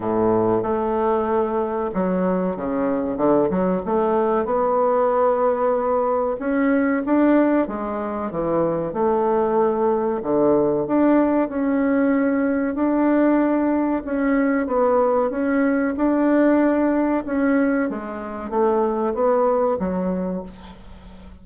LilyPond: \new Staff \with { instrumentName = "bassoon" } { \time 4/4 \tempo 4 = 94 a,4 a2 fis4 | cis4 d8 fis8 a4 b4~ | b2 cis'4 d'4 | gis4 e4 a2 |
d4 d'4 cis'2 | d'2 cis'4 b4 | cis'4 d'2 cis'4 | gis4 a4 b4 fis4 | }